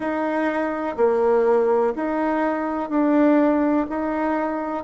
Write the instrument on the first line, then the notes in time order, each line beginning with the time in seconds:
bassoon
0.00 D#4
0.96 A#3
1.95 D#4
2.89 D4
3.89 D#4